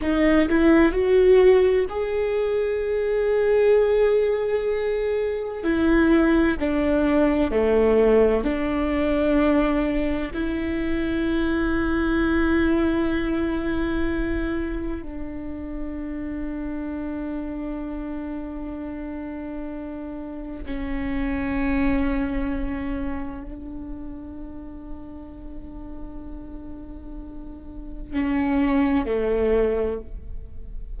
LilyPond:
\new Staff \with { instrumentName = "viola" } { \time 4/4 \tempo 4 = 64 dis'8 e'8 fis'4 gis'2~ | gis'2 e'4 d'4 | a4 d'2 e'4~ | e'1 |
d'1~ | d'2 cis'2~ | cis'4 d'2.~ | d'2 cis'4 a4 | }